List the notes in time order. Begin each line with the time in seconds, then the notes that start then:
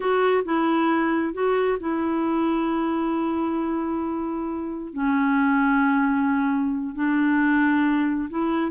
0.00 F#4
0.44 E4
1.33 F#4
1.80 E4
4.93 C#4
6.94 D4
8.30 E4